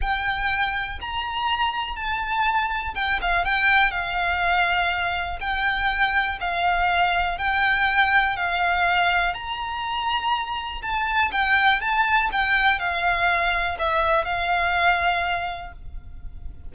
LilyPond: \new Staff \with { instrumentName = "violin" } { \time 4/4 \tempo 4 = 122 g''2 ais''2 | a''2 g''8 f''8 g''4 | f''2. g''4~ | g''4 f''2 g''4~ |
g''4 f''2 ais''4~ | ais''2 a''4 g''4 | a''4 g''4 f''2 | e''4 f''2. | }